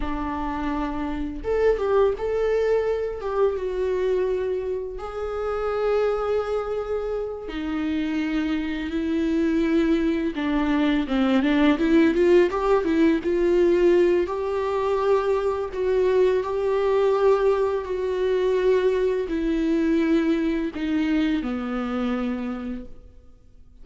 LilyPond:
\new Staff \with { instrumentName = "viola" } { \time 4/4 \tempo 4 = 84 d'2 a'8 g'8 a'4~ | a'8 g'8 fis'2 gis'4~ | gis'2~ gis'8 dis'4.~ | dis'8 e'2 d'4 c'8 |
d'8 e'8 f'8 g'8 e'8 f'4. | g'2 fis'4 g'4~ | g'4 fis'2 e'4~ | e'4 dis'4 b2 | }